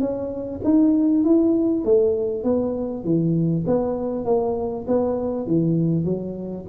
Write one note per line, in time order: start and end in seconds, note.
0.00 0.61 C#4
0.64 1.25 D#4
1.25 1.85 E4
1.85 2.44 A3
2.44 3.04 B3
3.04 3.65 E3
3.67 4.25 B3
4.25 4.86 A#3
4.88 5.47 B3
5.47 6.05 E3
6.05 6.65 F#3